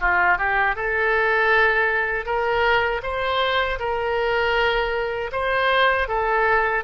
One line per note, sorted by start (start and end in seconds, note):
0.00 0.38 F4
0.38 0.76 G4
0.76 2.25 A4
2.25 3.01 A#4
3.03 3.79 C5
3.79 5.31 A#4
5.32 6.08 C5
6.08 6.84 A4